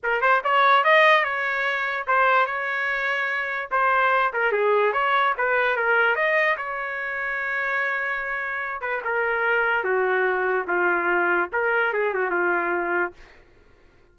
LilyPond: \new Staff \with { instrumentName = "trumpet" } { \time 4/4 \tempo 4 = 146 ais'8 c''8 cis''4 dis''4 cis''4~ | cis''4 c''4 cis''2~ | cis''4 c''4. ais'8 gis'4 | cis''4 b'4 ais'4 dis''4 |
cis''1~ | cis''4. b'8 ais'2 | fis'2 f'2 | ais'4 gis'8 fis'8 f'2 | }